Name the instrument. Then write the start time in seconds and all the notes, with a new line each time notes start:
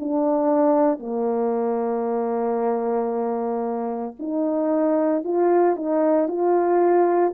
horn
0.00 D4
1.00 A#3
4.20 D#4
5.24 F4
5.76 D#4
6.28 F4